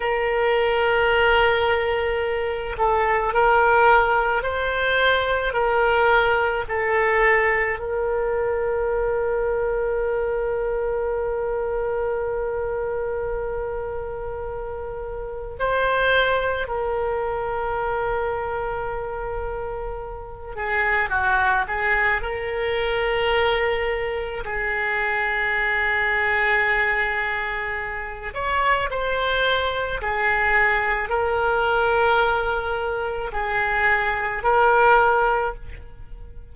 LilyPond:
\new Staff \with { instrumentName = "oboe" } { \time 4/4 \tempo 4 = 54 ais'2~ ais'8 a'8 ais'4 | c''4 ais'4 a'4 ais'4~ | ais'1~ | ais'2 c''4 ais'4~ |
ais'2~ ais'8 gis'8 fis'8 gis'8 | ais'2 gis'2~ | gis'4. cis''8 c''4 gis'4 | ais'2 gis'4 ais'4 | }